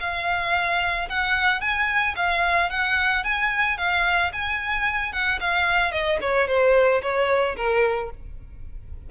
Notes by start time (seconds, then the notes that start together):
0.00 F5
1.09 F#5
1.61 G#5
2.16 F5
2.70 F#5
3.24 G#5
3.78 F5
4.33 G#5
5.12 F#5
5.40 F5
5.91 D#5
6.21 C#5
6.48 C5
7.02 C#5
7.56 A#4